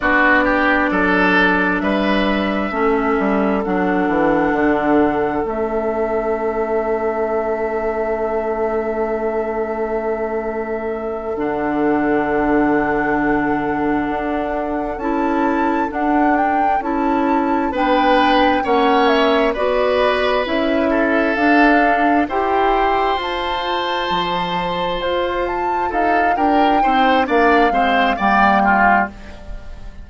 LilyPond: <<
  \new Staff \with { instrumentName = "flute" } { \time 4/4 \tempo 4 = 66 d''2 e''2 | fis''2 e''2~ | e''1~ | e''8 fis''2.~ fis''8~ |
fis''8 a''4 fis''8 g''8 a''4 g''8~ | g''8 fis''8 e''8 d''4 e''4 f''8~ | f''8 g''4 a''2 c''8 | a''8 f''8 g''4 f''4 g''4 | }
  \new Staff \with { instrumentName = "oboe" } { \time 4/4 fis'8 g'8 a'4 b'4 a'4~ | a'1~ | a'1~ | a'1~ |
a'2.~ a'8 b'8~ | b'8 cis''4 b'4. a'4~ | a'8 c''2.~ c''8~ | c''8 a'8 ais'8 c''8 d''8 c''8 d''8 f'8 | }
  \new Staff \with { instrumentName = "clarinet" } { \time 4/4 d'2. cis'4 | d'2 cis'2~ | cis'1~ | cis'8 d'2.~ d'8~ |
d'8 e'4 d'4 e'4 d'8~ | d'8 cis'4 fis'4 e'4 d'8~ | d'8 g'4 f'2~ f'8~ | f'4. dis'8 d'8 c'8 ais4 | }
  \new Staff \with { instrumentName = "bassoon" } { \time 4/4 b4 fis4 g4 a8 g8 | fis8 e8 d4 a2~ | a1~ | a8 d2. d'8~ |
d'8 cis'4 d'4 cis'4 b8~ | b8 ais4 b4 cis'4 d'8~ | d'8 e'4 f'4 f4 f'8~ | f'8 dis'8 d'8 c'8 ais8 gis8 g4 | }
>>